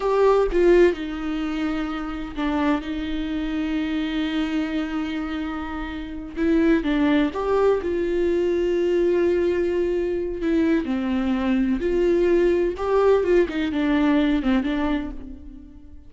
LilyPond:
\new Staff \with { instrumentName = "viola" } { \time 4/4 \tempo 4 = 127 g'4 f'4 dis'2~ | dis'4 d'4 dis'2~ | dis'1~ | dis'4. e'4 d'4 g'8~ |
g'8 f'2.~ f'8~ | f'2 e'4 c'4~ | c'4 f'2 g'4 | f'8 dis'8 d'4. c'8 d'4 | }